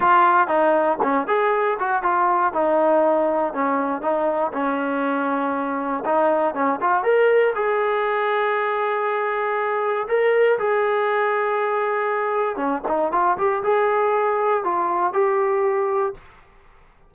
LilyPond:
\new Staff \with { instrumentName = "trombone" } { \time 4/4 \tempo 4 = 119 f'4 dis'4 cis'8 gis'4 fis'8 | f'4 dis'2 cis'4 | dis'4 cis'2. | dis'4 cis'8 f'8 ais'4 gis'4~ |
gis'1 | ais'4 gis'2.~ | gis'4 cis'8 dis'8 f'8 g'8 gis'4~ | gis'4 f'4 g'2 | }